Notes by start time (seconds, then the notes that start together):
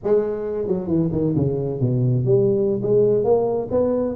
0.03 G#3
0.67 F#3
0.87 E3
1.12 D#3
1.36 C#3
1.80 B2
2.25 G3
2.82 G#3
3.23 A#3
3.70 B3